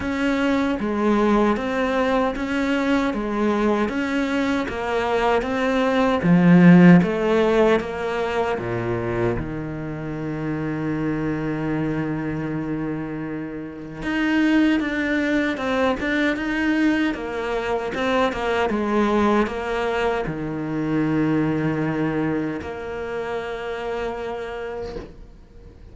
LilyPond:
\new Staff \with { instrumentName = "cello" } { \time 4/4 \tempo 4 = 77 cis'4 gis4 c'4 cis'4 | gis4 cis'4 ais4 c'4 | f4 a4 ais4 ais,4 | dis1~ |
dis2 dis'4 d'4 | c'8 d'8 dis'4 ais4 c'8 ais8 | gis4 ais4 dis2~ | dis4 ais2. | }